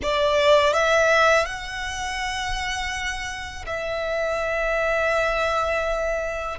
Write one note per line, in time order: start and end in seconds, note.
0.02 0.73 D5
0.73 1.45 E5
1.45 3.65 F#5
3.66 6.58 E5